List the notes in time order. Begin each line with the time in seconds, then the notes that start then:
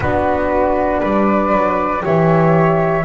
0.00 B3 D4 F#4 B4
1.00 G3 B4 D5
1.53 F#3
2.00 E3 G4 C#5 E5